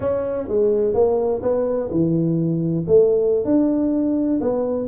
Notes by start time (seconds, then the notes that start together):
0.00 C#4
0.47 G#3
0.94 A#3
1.42 B3
1.90 E3
2.87 A3
3.45 D4
4.40 B3